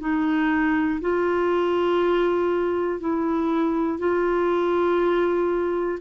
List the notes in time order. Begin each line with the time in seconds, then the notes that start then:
0.00 D#4
1.00 F4
3.00 E4
3.99 F4